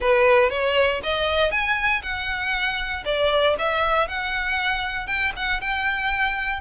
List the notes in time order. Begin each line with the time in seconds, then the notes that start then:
0.00 B4
0.50 C#5
1.03 D#5
1.51 G#5
2.02 F#5
3.05 D5
3.58 E5
4.07 F#5
5.06 G5
5.36 F#5
5.60 G5